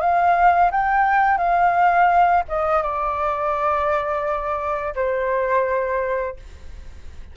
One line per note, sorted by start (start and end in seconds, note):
0.00 0.71 F5
0.71 1.37 G5
1.37 2.43 F5
2.48 2.82 D#5
2.82 4.94 D5
4.95 6.36 C5